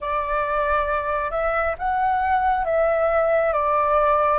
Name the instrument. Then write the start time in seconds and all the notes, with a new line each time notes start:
flute
0.00 D5
1.30 E5
1.78 F#5
2.65 E5
3.53 D5